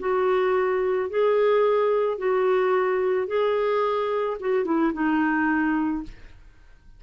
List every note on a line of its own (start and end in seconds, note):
0.00 1.10 F#4
1.10 2.18 G#4
2.18 3.28 F#4
3.28 4.38 G#4
4.40 4.65 F#4
4.65 4.93 E4
4.93 6.04 D#4